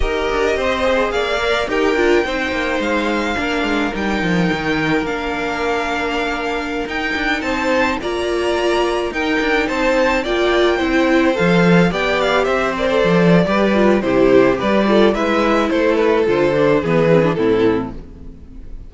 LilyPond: <<
  \new Staff \with { instrumentName = "violin" } { \time 4/4 \tempo 4 = 107 dis''2 f''4 g''4~ | g''4 f''2 g''4~ | g''4 f''2.~ | f''16 g''4 a''4 ais''4.~ ais''16~ |
ais''16 g''4 a''4 g''4.~ g''16~ | g''16 f''4 g''8 f''8 e''8 d''4~ d''16~ | d''4 c''4 d''4 e''4 | c''8 b'8 c''4 b'4 a'4 | }
  \new Staff \with { instrumentName = "violin" } { \time 4/4 ais'4 c''4 d''4 ais'4 | c''2 ais'2~ | ais'1~ | ais'4~ ais'16 c''4 d''4.~ d''16~ |
d''16 ais'4 c''4 d''4 c''8.~ | c''4~ c''16 d''4 c''4.~ c''16 | b'4 g'4 b'8 a'8 b'4 | a'2 gis'4 e'4 | }
  \new Staff \with { instrumentName = "viola" } { \time 4/4 g'4. gis'4 ais'8 g'8 f'8 | dis'2 d'4 dis'4~ | dis'4 d'2.~ | d'16 dis'2 f'4.~ f'16~ |
f'16 dis'2 f'4 e'8.~ | e'16 a'4 g'4. ais'16 a'4 | g'8 f'8 e'4 g'8 f'8 e'4~ | e'4 f'8 d'8 b8 c'16 d'16 c'4 | }
  \new Staff \with { instrumentName = "cello" } { \time 4/4 dis'8 d'8 c'4 ais4 dis'8 d'8 | c'8 ais8 gis4 ais8 gis8 g8 f8 | dis4 ais2.~ | ais16 dis'8 d'8 c'4 ais4.~ ais16~ |
ais16 dis'8 d'8 c'4 ais4 c'8.~ | c'16 f4 b4 c'4 f8. | g4 c4 g4 gis4 | a4 d4 e4 a,4 | }
>>